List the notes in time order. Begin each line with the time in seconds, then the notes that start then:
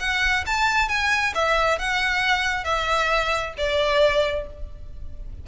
0.00 F#5
0.46 A5
0.89 G#5
1.35 E5
1.79 F#5
2.64 E5
3.57 D5